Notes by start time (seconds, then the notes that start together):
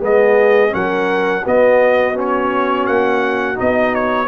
0.00 G#3 B3 G#4 D#5
0.69 F#3 C#4 A#4 F#5
1.43 B3 F#4 D#5
2.15 C#4 C#5
2.86 A#3 F#5
3.55 B3 D#4 D#5
3.95 C#5